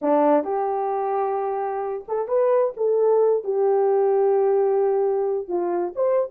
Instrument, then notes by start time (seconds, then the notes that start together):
horn
0.01 D4
0.44 G4
2.07 A4
2.28 B4
2.76 A4
3.44 G4
5.48 F4
5.95 C5